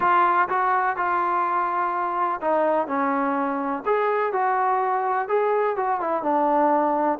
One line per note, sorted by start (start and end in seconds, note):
0.00 0.48 F4
0.48 0.96 F#4
0.96 2.40 F4
2.41 2.87 D#4
2.87 3.83 C#4
3.85 4.32 G#4
4.32 5.28 F#4
5.28 5.76 G#4
5.76 6.00 F#4
6.00 6.22 E4
6.22 7.18 D4